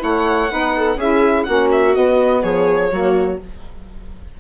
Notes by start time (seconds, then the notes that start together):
0.00 A3 E4 C#5 F#5
0.50 B3 D#4 B4
0.76 A4
0.96 C#4 E4 G#4 E5
1.44 A#3 C#4 F#4 F#5
1.72 E5
1.94 B3 D#5
2.43 F3 G#4 C#5
2.92 F#3 A#3 F#4